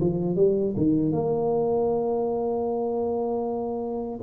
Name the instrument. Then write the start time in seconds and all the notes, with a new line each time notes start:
tuba
0.00 F3
0.36 G3
0.77 D#3
1.12 A#3